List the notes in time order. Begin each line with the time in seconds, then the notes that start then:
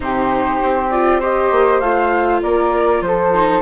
0.00 C3 D#4 G4 C5
0.62 C4
0.90 F4 D5
1.19 G4 C5 D#5
1.51 A#3
1.80 A3 F4 F5
2.42 A#3 A#4 D5
3.01 F3 A4 C5
3.34 D#4